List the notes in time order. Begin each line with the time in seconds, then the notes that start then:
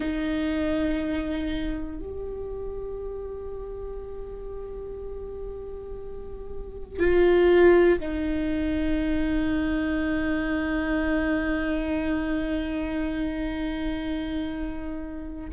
0.00 D#4
1.99 G4
6.99 F4
8.00 D#4